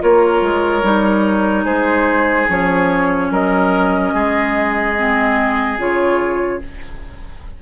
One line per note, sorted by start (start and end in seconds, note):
0.00 0.42 A#3
0.00 0.82 F4
0.00 1.65 A#4
0.00 1.66 C#5
0.42 0.83 G#3
0.83 1.65 G3
0.83 2.48 D#4
1.65 2.47 G#3
1.65 3.29 G#4
1.65 2.48 C5
2.48 3.31 F3
2.48 4.95 C#4
2.48 3.32 C#5
3.31 4.13 F#3
3.31 4.14 A#4
3.31 5.79 D#5
4.14 5.78 G#3
4.14 6.60 G#4
4.96 5.78 C4
5.78 6.61 C#3
5.78 6.61 F4
5.78 6.62 C#5